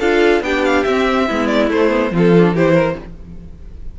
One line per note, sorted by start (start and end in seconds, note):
0.00 0.41 D4
0.00 0.43 F4
0.00 0.43 A4
0.00 0.43 F5
0.41 0.83 B3
0.41 0.85 D4
0.41 1.28 G4
0.41 0.65 G5
0.65 0.84 F5
0.84 1.29 C4
0.84 1.47 E5
1.28 1.70 G#3
1.28 1.70 B3
1.28 2.13 E4
1.47 1.68 D5
1.70 1.90 A3
1.70 2.12 A3
1.70 2.15 C5
1.90 2.11 B3
2.12 2.53 F3
2.12 2.34 C4
2.12 2.55 F4
2.18 2.57 A4
2.37 2.57 D4
2.53 2.95 E3
2.53 3.00 E4
2.53 2.74 G4
2.53 2.99 C5
2.74 2.95 A#4